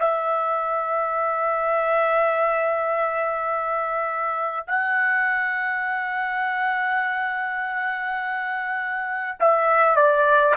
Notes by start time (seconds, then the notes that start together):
0.00 E5
4.68 F#5
9.40 E5
9.96 D5